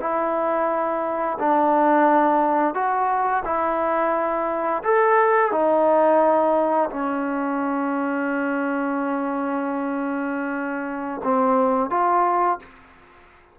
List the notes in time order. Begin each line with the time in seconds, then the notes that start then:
0.00 E4
1.39 D4
2.74 F#4
3.45 E4
4.83 A4
5.51 D#4
6.90 C#4
11.24 C4
11.90 F4